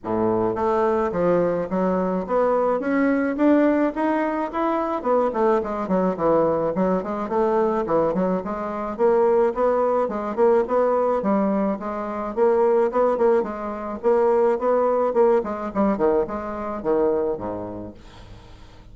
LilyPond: \new Staff \with { instrumentName = "bassoon" } { \time 4/4 \tempo 4 = 107 a,4 a4 f4 fis4 | b4 cis'4 d'4 dis'4 | e'4 b8 a8 gis8 fis8 e4 | fis8 gis8 a4 e8 fis8 gis4 |
ais4 b4 gis8 ais8 b4 | g4 gis4 ais4 b8 ais8 | gis4 ais4 b4 ais8 gis8 | g8 dis8 gis4 dis4 gis,4 | }